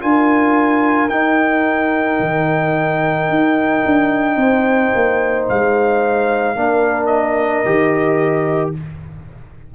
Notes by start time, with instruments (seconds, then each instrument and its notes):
0.00 tuba D4, trombone F4, horn A#4, trumpet G#5
1.09 tuba D#4, trombone D#4, trumpet G5
2.20 tuba D#3
3.30 tuba D#4
3.86 tuba D4
4.37 tuba C4, horn C5
4.95 tuba A#3
5.50 tuba G#3, trumpet F5
6.56 tuba A#3, trombone D4, horn A#4
7.07 trumpet D#5
7.65 tuba D#3, trombone G4